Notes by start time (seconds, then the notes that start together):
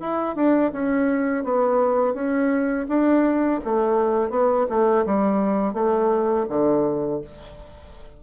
0.00 E4
0.35 D4
0.72 C#4
1.44 B3
2.14 C#4
2.88 D4
3.64 A3
4.30 B3
4.69 A3
5.05 G3
5.74 A3
6.49 D3